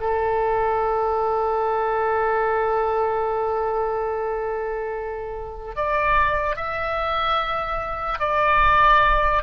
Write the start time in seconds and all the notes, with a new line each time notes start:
0.00 A4
5.76 D5
6.56 E5
8.19 D5